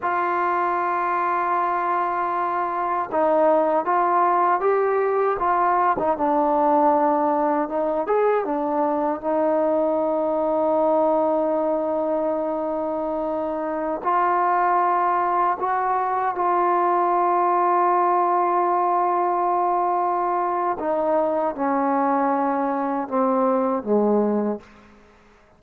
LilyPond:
\new Staff \with { instrumentName = "trombone" } { \time 4/4 \tempo 4 = 78 f'1 | dis'4 f'4 g'4 f'8. dis'16 | d'2 dis'8 gis'8 d'4 | dis'1~ |
dis'2~ dis'16 f'4.~ f'16~ | f'16 fis'4 f'2~ f'8.~ | f'2. dis'4 | cis'2 c'4 gis4 | }